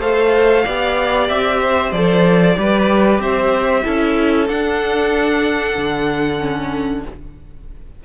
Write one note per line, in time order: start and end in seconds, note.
0.00 0.64 A3
0.00 0.65 A4
0.00 0.64 C5
0.00 1.29 F5
0.64 1.29 B3
0.64 1.93 G4
0.64 1.60 D5
1.29 1.92 C4
1.29 1.92 E5
1.61 2.57 C5
1.92 2.56 F3
1.92 2.55 A4
1.92 3.20 D5
2.55 3.19 G3
2.55 3.83 G4
2.55 3.22 B4
3.19 3.82 C4
3.19 3.84 C5
3.19 4.48 E5
3.83 4.49 C#4
3.83 4.47 E4
3.83 7.03 A4
4.48 5.77 D4
4.48 6.39 D4
4.48 7.04 F#5
5.77 7.05 D3
6.39 7.02 C#4